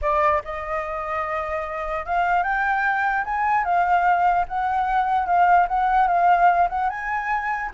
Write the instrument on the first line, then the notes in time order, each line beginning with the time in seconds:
flute
0.01 D5
0.44 D#5
2.05 F5
2.43 G5
3.24 G#5
3.64 F5
4.47 F#5
5.26 F5
5.68 F#5
6.07 F5
6.69 F#5
6.89 G#5